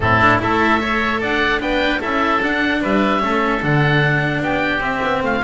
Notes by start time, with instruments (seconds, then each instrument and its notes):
0.00 double bass A2, cello C4, oboe E4 A4
0.21 cello D4
0.38 double bass A3, cello E4, oboe A4 E5
0.79 cello A4, oboe C#5
1.20 double bass D4, oboe D5 F#5
1.59 double bass B3, cello D4, oboe B4 G5
2.00 double bass C#4, cello E4, oboe A4 E5
2.41 double bass D4, cello D4, oboe F#5
2.81 double bass G3, oboe B4 E5
3.19 double bass A3, cello C#4, oboe A4
3.62 double bass D3, cello D4, oboe F#5
4.41 double bass B3, oboe G4 G5
4.79 double bass C4, cello C4, oboe E5
5.03 double bass B3
5.23 double bass A3, oboe F4 F5